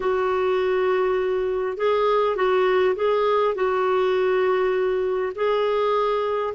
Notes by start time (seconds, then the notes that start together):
0.00 F#4
1.77 G#4
2.35 F#4
2.95 G#4
3.54 F#4
5.35 G#4